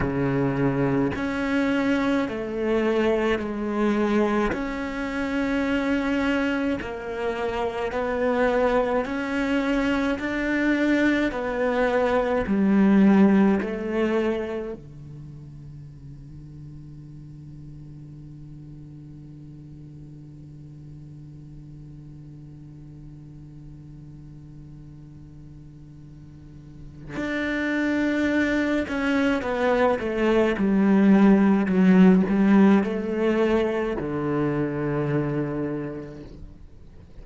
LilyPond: \new Staff \with { instrumentName = "cello" } { \time 4/4 \tempo 4 = 53 cis4 cis'4 a4 gis4 | cis'2 ais4 b4 | cis'4 d'4 b4 g4 | a4 d2.~ |
d1~ | d1 | d'4. cis'8 b8 a8 g4 | fis8 g8 a4 d2 | }